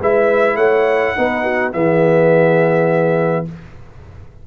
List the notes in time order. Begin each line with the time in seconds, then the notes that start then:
0.00 G#3 E4 B4 E5
0.56 A3 C#5 F#5
1.17 B3 D#4 B4
1.44 F#4
1.72 E3 B3 G#4 E5